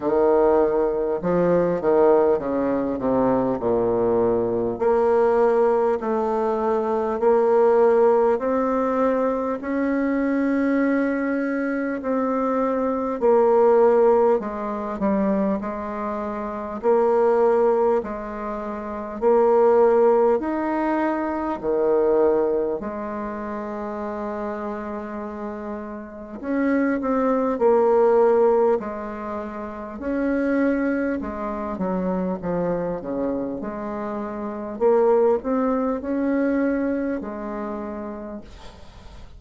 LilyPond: \new Staff \with { instrumentName = "bassoon" } { \time 4/4 \tempo 4 = 50 dis4 f8 dis8 cis8 c8 ais,4 | ais4 a4 ais4 c'4 | cis'2 c'4 ais4 | gis8 g8 gis4 ais4 gis4 |
ais4 dis'4 dis4 gis4~ | gis2 cis'8 c'8 ais4 | gis4 cis'4 gis8 fis8 f8 cis8 | gis4 ais8 c'8 cis'4 gis4 | }